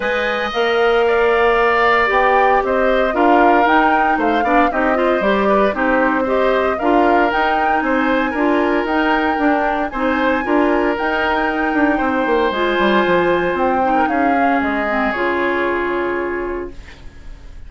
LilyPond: <<
  \new Staff \with { instrumentName = "flute" } { \time 4/4 \tempo 4 = 115 gis''4 f''2. | g''4 dis''4 f''4 g''4 | f''4 dis''4 d''4 c''4 | dis''4 f''4 g''4 gis''4~ |
gis''4 g''2 gis''4~ | gis''4 g''2. | gis''2 g''4 f''4 | dis''4 cis''2. | }
  \new Staff \with { instrumentName = "oboe" } { \time 4/4 dis''2 d''2~ | d''4 c''4 ais'2 | c''8 d''8 g'8 c''4 b'8 g'4 | c''4 ais'2 c''4 |
ais'2. c''4 | ais'2. c''4~ | c''2~ c''8. ais'16 gis'4~ | gis'1 | }
  \new Staff \with { instrumentName = "clarinet" } { \time 4/4 b'4 ais'2. | g'2 f'4 dis'4~ | dis'8 d'8 dis'8 f'8 g'4 dis'4 | g'4 f'4 dis'2 |
f'4 dis'4 d'4 dis'4 | f'4 dis'2. | f'2~ f'8 dis'4 cis'8~ | cis'8 c'8 f'2. | }
  \new Staff \with { instrumentName = "bassoon" } { \time 4/4 gis4 ais2. | b4 c'4 d'4 dis'4 | a8 b8 c'4 g4 c'4~ | c'4 d'4 dis'4 c'4 |
d'4 dis'4 d'4 c'4 | d'4 dis'4. d'8 c'8 ais8 | gis8 g8 f4 c'4 cis'4 | gis4 cis2. | }
>>